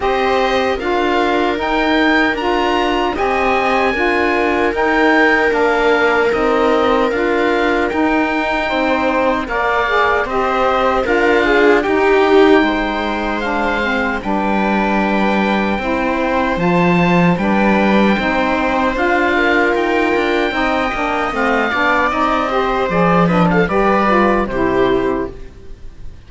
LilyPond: <<
  \new Staff \with { instrumentName = "oboe" } { \time 4/4 \tempo 4 = 76 dis''4 f''4 g''4 ais''4 | gis''2 g''4 f''4 | dis''4 f''4 g''2 | f''4 dis''4 f''4 g''4~ |
g''4 f''4 g''2~ | g''4 a''4 g''2 | f''4 g''2 f''4 | dis''4 d''8 dis''16 f''16 d''4 c''4 | }
  \new Staff \with { instrumentName = "viola" } { \time 4/4 c''4 ais'2. | dis''4 ais'2.~ | ais'2. c''4 | d''4 c''4 ais'8 gis'8 g'4 |
c''2 b'2 | c''2 b'4 c''4~ | c''8 ais'4. dis''4. d''8~ | d''8 c''4 b'16 a'16 b'4 g'4 | }
  \new Staff \with { instrumentName = "saxophone" } { \time 4/4 g'4 f'4 dis'4 f'4 | g'4 f'4 dis'4 d'4 | dis'4 f'4 dis'2 | ais'8 gis'8 g'4 f'4 dis'4~ |
dis'4 d'8 c'8 d'2 | e'4 f'4 d'4 dis'4 | f'2 dis'8 d'8 c'8 d'8 | dis'8 g'8 gis'8 d'8 g'8 f'8 e'4 | }
  \new Staff \with { instrumentName = "cello" } { \time 4/4 c'4 d'4 dis'4 d'4 | c'4 d'4 dis'4 ais4 | c'4 d'4 dis'4 c'4 | ais4 c'4 d'4 dis'4 |
gis2 g2 | c'4 f4 g4 c'4 | d'4 dis'8 d'8 c'8 ais8 a8 b8 | c'4 f4 g4 c4 | }
>>